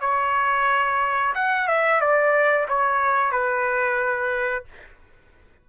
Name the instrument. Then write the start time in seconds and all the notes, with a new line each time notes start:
trumpet
0.00 C#5
1.35 F#5
1.68 E5
2.01 D5
2.68 C#5
3.31 B4